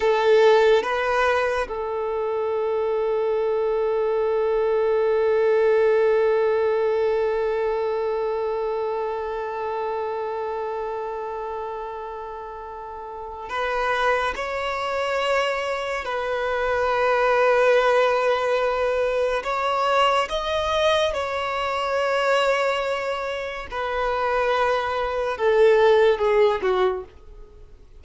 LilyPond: \new Staff \with { instrumentName = "violin" } { \time 4/4 \tempo 4 = 71 a'4 b'4 a'2~ | a'1~ | a'1~ | a'1 |
b'4 cis''2 b'4~ | b'2. cis''4 | dis''4 cis''2. | b'2 a'4 gis'8 fis'8 | }